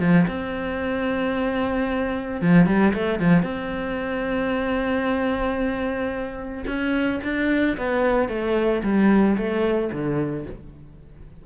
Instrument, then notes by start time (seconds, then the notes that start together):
cello
0.00 F3
0.28 C4
2.42 F3
2.67 G3
2.94 A3
3.20 F3
3.43 C4
6.68 C#4
7.24 D4
7.78 B3
8.29 A3
8.83 G3
9.37 A3
9.93 D3